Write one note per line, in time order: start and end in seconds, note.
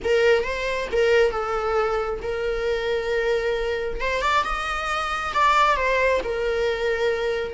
0.04 0.43 A#4
0.43 0.87 C5
0.92 1.31 A#4
1.31 2.20 A4
2.22 4.00 A#4
4.00 4.21 C5
4.21 4.43 D5
4.43 5.32 D#5
5.34 5.76 D5
5.76 6.20 C5
6.23 7.54 A#4